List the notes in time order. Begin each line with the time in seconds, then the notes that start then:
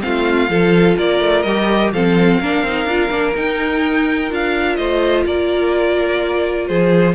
0.00 A3 C4 F4 F5
0.49 F3 F4 A4
0.97 A#3 A#4 D5
1.20 A3
1.42 G3 G4 D#5
1.92 F3 C4 A4 F5
2.40 A#3 D4 A#4
2.63 C4 D#4
2.85 D4 F4
3.10 A#3 D4
3.35 D#4 G5
4.29 D4 F4 F5
4.76 A3 C5 D#5
5.26 A#3 A#4 D5
6.67 F3 G#4 C5